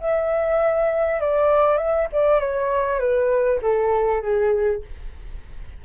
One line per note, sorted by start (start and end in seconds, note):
0.00 1.21 E5
1.21 1.77 D5
1.77 2.08 E5
2.12 2.40 D5
2.40 2.99 C#5
2.99 3.60 B4
3.62 4.22 A4
4.22 4.82 G#4